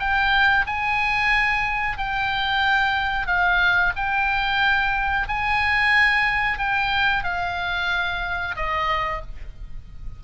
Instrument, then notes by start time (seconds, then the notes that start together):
oboe
0.00 G5
0.67 G#5
1.98 G5
3.27 F5
3.97 G5
5.28 G#5
6.59 G5
7.24 F5
8.56 D#5